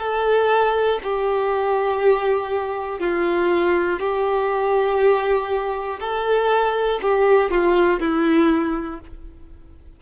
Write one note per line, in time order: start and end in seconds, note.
0.00 1.00 A4
1.04 3.00 G4
3.00 4.00 F4
4.00 6.00 G4
6.00 7.00 A4
7.02 7.51 G4
7.51 8.01 F4
8.01 9.01 E4